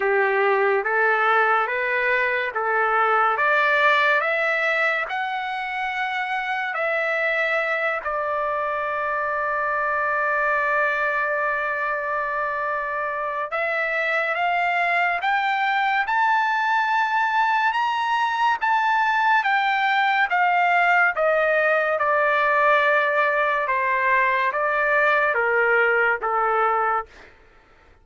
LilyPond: \new Staff \with { instrumentName = "trumpet" } { \time 4/4 \tempo 4 = 71 g'4 a'4 b'4 a'4 | d''4 e''4 fis''2 | e''4. d''2~ d''8~ | d''1 |
e''4 f''4 g''4 a''4~ | a''4 ais''4 a''4 g''4 | f''4 dis''4 d''2 | c''4 d''4 ais'4 a'4 | }